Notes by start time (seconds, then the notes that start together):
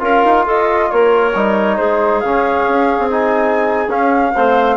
0.00 C#4 F4 A#4 F5
0.25 D#4
0.46 F4 A4 D#5
0.91 A#3 A#4 C#5
1.35 G3 D#4
1.77 G#3 G#4 C5
2.21 C#3 C#4 F5
2.69 C#4
2.99 C4
3.11 D#4 G#5
3.88 C#4 F5
4.34 A3 C4 C5